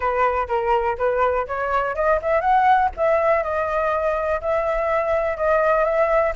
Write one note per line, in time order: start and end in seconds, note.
0.00 0.47 B4
0.48 0.96 A#4
0.98 1.46 B4
1.47 1.95 C#5
1.95 2.19 D#5
2.22 2.40 E5
2.40 2.89 F#5
2.96 3.43 E5
3.43 4.40 D#5
4.41 5.37 E5
5.37 5.84 D#5
5.84 6.33 E5